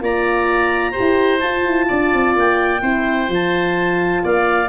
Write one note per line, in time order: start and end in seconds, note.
0.00 0.94 A#3
0.00 0.93 F4
0.00 0.91 D5
0.00 1.39 A#5
0.91 1.40 G4
0.91 1.85 C5
0.99 1.43 E4
1.39 2.81 F4
1.39 1.65 F4
1.39 2.33 A5
1.65 1.89 E4
1.87 2.13 D4
1.87 2.81 D5
2.13 2.36 C4
2.36 2.81 A#3
2.36 3.32 G5
2.81 3.28 C4
2.81 3.28 E4
2.81 4.22 C5
3.28 4.22 F3
3.28 4.68 F4
3.28 4.25 A5
4.23 4.69 A#3
4.23 4.69 D5
4.23 4.69 F5